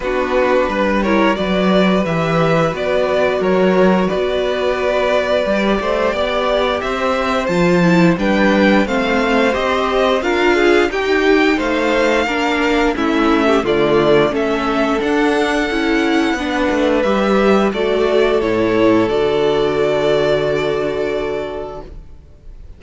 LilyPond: <<
  \new Staff \with { instrumentName = "violin" } { \time 4/4 \tempo 4 = 88 b'4. cis''8 d''4 e''4 | d''4 cis''4 d''2~ | d''2 e''4 a''4 | g''4 f''4 dis''4 f''4 |
g''4 f''2 e''4 | d''4 e''4 fis''2~ | fis''4 e''4 d''4 cis''4 | d''1 | }
  \new Staff \with { instrumentName = "violin" } { \time 4/4 fis'4 b'8 ais'8 b'2~ | b'4 ais'4 b'2~ | b'8 c''8 d''4 c''2 | b'4 c''2 ais'8 gis'8 |
g'4 c''4 ais'4 e'8. g'16 | f'4 a'2. | b'2 a'2~ | a'1 | }
  \new Staff \with { instrumentName = "viola" } { \time 4/4 d'4. e'8 fis'4 g'4 | fis'1 | g'2. f'8 e'8 | d'4 c'4 g'4 f'4 |
dis'2 d'4 cis'4 | a4 cis'4 d'4 e'4 | d'4 g'4 fis'4 e'4 | fis'1 | }
  \new Staff \with { instrumentName = "cello" } { \time 4/4 b4 g4 fis4 e4 | b4 fis4 b2 | g8 a8 b4 c'4 f4 | g4 a4 c'4 d'4 |
dis'4 a4 ais4 a4 | d4 a4 d'4 cis'4 | b8 a8 g4 a4 a,4 | d1 | }
>>